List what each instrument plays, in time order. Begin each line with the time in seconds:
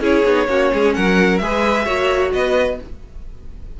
0.00 cello C#4, viola E4, violin G#4 C#5
0.25 cello B3, viola D#4
0.47 cello A#3, viola C#4, violin F#4
0.73 cello G#3, violin G#4
0.94 cello F#3, violin A#4 F#5
1.38 cello G#3, viola G#4, violin B4 E5
1.85 cello A#3, viola F#4, violin C#5
2.32 cello B3, violin B4 D#5